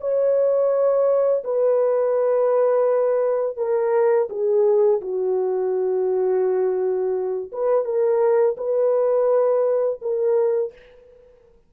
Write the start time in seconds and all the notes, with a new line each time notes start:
0.00 C#5
1.44 B4
3.56 A#4
4.29 G#4
5.01 F#4
7.52 B4
7.84 A#4
8.57 B4
10.01 A#4